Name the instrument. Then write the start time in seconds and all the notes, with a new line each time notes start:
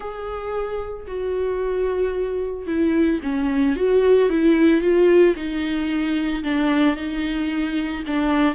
viola
0.00 G#4
1.07 F#4
2.66 E4
3.22 C#4
3.75 F#4
4.29 E4
4.81 F4
5.35 D#4
6.43 D4
6.96 D#4
8.06 D4